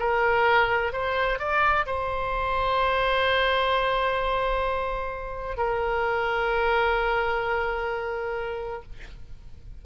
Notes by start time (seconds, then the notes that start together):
0.00 A#4
0.93 C5
1.40 D5
1.86 C5
5.57 A#4